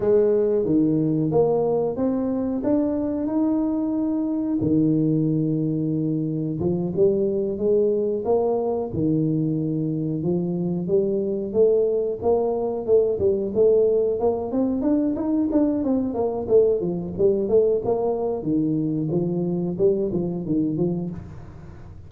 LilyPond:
\new Staff \with { instrumentName = "tuba" } { \time 4/4 \tempo 4 = 91 gis4 dis4 ais4 c'4 | d'4 dis'2 dis4~ | dis2 f8 g4 gis8~ | gis8 ais4 dis2 f8~ |
f8 g4 a4 ais4 a8 | g8 a4 ais8 c'8 d'8 dis'8 d'8 | c'8 ais8 a8 f8 g8 a8 ais4 | dis4 f4 g8 f8 dis8 f8 | }